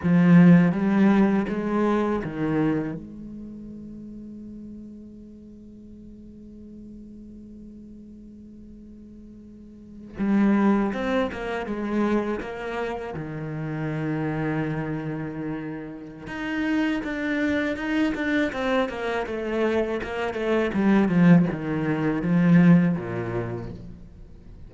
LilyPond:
\new Staff \with { instrumentName = "cello" } { \time 4/4 \tempo 4 = 81 f4 g4 gis4 dis4 | gis1~ | gis1~ | gis4.~ gis16 g4 c'8 ais8 gis16~ |
gis8. ais4 dis2~ dis16~ | dis2 dis'4 d'4 | dis'8 d'8 c'8 ais8 a4 ais8 a8 | g8 f8 dis4 f4 ais,4 | }